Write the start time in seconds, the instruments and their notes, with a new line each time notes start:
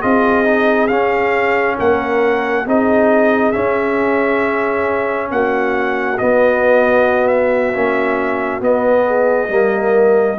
0.00 tuba C4, trombone F4, horn G#4, trumpet D#5
0.44 trombone D#4
0.87 trombone C#4, tuba C#4, trumpet F5
1.77 tuba A#3, horn A#4, trumpet F#5
2.66 tuba C4, trombone D#4, horn G#4, trumpet D#5
3.52 trombone C#4, tuba C#4, trumpet E5
5.31 tuba A#3, horn F#4, trumpet F#5
6.18 trombone B3, tuba B3, trumpet D#5
7.27 trumpet E5
7.74 tuba A#3, trombone C#4
8.60 trombone B3, tuba B3, trumpet D#5
9.06 horn G#4
9.49 tuba G3, trombone A#3, horn A#4